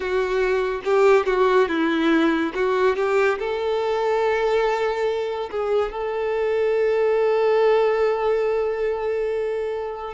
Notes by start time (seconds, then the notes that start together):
0.00 F#4
0.84 G4
1.26 F#4
1.68 E4
2.54 F#4
2.96 G4
3.38 A4
5.50 G#4
5.92 A4